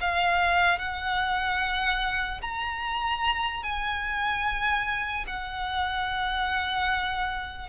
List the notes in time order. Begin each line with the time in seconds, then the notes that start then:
0.00 F5
0.79 F#5
2.41 A#5
3.63 G#5
5.27 F#5